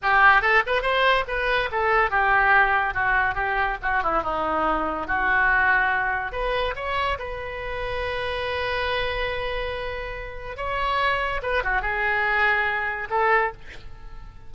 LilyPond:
\new Staff \with { instrumentName = "oboe" } { \time 4/4 \tempo 4 = 142 g'4 a'8 b'8 c''4 b'4 | a'4 g'2 fis'4 | g'4 fis'8 e'8 dis'2 | fis'2. b'4 |
cis''4 b'2.~ | b'1~ | b'4 cis''2 b'8 fis'8 | gis'2. a'4 | }